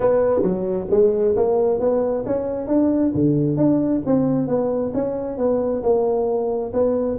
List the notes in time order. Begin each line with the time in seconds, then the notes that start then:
0.00 B3
0.42 F#3
0.90 G#3
1.36 A#3
1.79 B3
2.26 C#4
2.67 D4
3.14 D3
3.56 D4
4.06 C4
4.47 B3
4.94 C#4
5.37 B3
5.82 A#3
6.73 B3